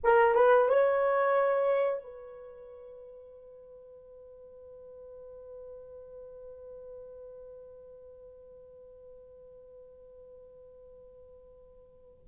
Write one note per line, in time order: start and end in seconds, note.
0.03 0.34 A#4
0.34 0.68 B4
0.68 2.03 C#5
2.03 12.25 B4